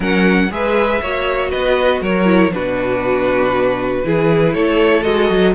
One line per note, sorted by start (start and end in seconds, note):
0.00 0.49 F#3
0.00 0.49 C#4
0.00 0.49 A#4
0.00 0.52 F#5
0.51 1.01 G#3
0.51 1.01 G#4
0.51 1.01 B4
0.51 1.50 E5
1.01 1.51 A#3
1.01 2.25 F#4
1.01 1.50 C#5
1.50 2.01 B3
1.50 2.00 B4
1.50 2.01 D#5
2.01 2.51 F#3
2.01 2.52 A#4
2.01 2.53 C#5
2.25 2.50 E4
2.52 4.04 B2
2.52 4.04 D4
2.52 4.05 F#4
2.52 4.53 B4
4.04 4.54 E3
4.04 5.03 E4
4.04 4.53 G#4
4.53 5.05 A3
4.53 5.54 A4
4.53 5.03 C#5
5.03 5.30 G#3
5.03 5.53 F#4
5.03 5.53 D#5
5.30 5.54 F#3